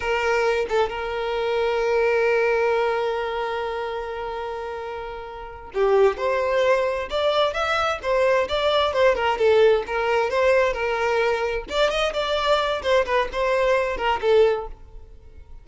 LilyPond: \new Staff \with { instrumentName = "violin" } { \time 4/4 \tempo 4 = 131 ais'4. a'8 ais'2~ | ais'1~ | ais'1~ | ais'8 g'4 c''2 d''8~ |
d''8 e''4 c''4 d''4 c''8 | ais'8 a'4 ais'4 c''4 ais'8~ | ais'4. d''8 dis''8 d''4. | c''8 b'8 c''4. ais'8 a'4 | }